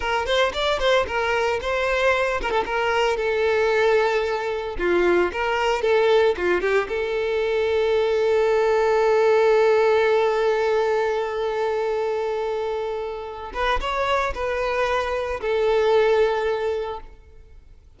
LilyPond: \new Staff \with { instrumentName = "violin" } { \time 4/4 \tempo 4 = 113 ais'8 c''8 d''8 c''8 ais'4 c''4~ | c''8 ais'16 a'16 ais'4 a'2~ | a'4 f'4 ais'4 a'4 | f'8 g'8 a'2.~ |
a'1~ | a'1~ | a'4. b'8 cis''4 b'4~ | b'4 a'2. | }